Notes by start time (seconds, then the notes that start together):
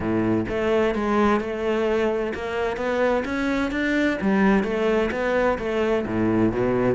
0.00 A2
0.49 A3
0.94 G#3
1.40 A3
2.34 A#3
2.77 B3
3.25 C#4
3.71 D4
4.21 G3
4.63 A3
5.11 B3
5.58 A3
6.06 A2
6.51 B2